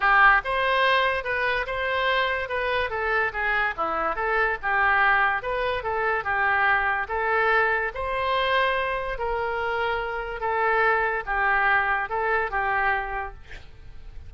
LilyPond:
\new Staff \with { instrumentName = "oboe" } { \time 4/4 \tempo 4 = 144 g'4 c''2 b'4 | c''2 b'4 a'4 | gis'4 e'4 a'4 g'4~ | g'4 b'4 a'4 g'4~ |
g'4 a'2 c''4~ | c''2 ais'2~ | ais'4 a'2 g'4~ | g'4 a'4 g'2 | }